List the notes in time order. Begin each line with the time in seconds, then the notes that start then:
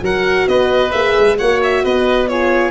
0.00 F#3 F#4 A#4 F#5
0.47 B3 B4 D#5
0.91 A#3 G#4 E5
1.18 G#3
1.38 A#3 F#4 C#5 F#5
1.63 E5
1.84 B3 B4 D#5
2.28 F4 G#4 C#5